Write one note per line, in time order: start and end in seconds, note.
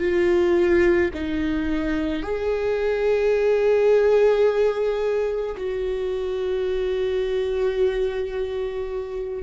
0.00 1.11 F4
1.14 2.23 D#4
2.23 5.56 G#4
5.57 9.43 F#4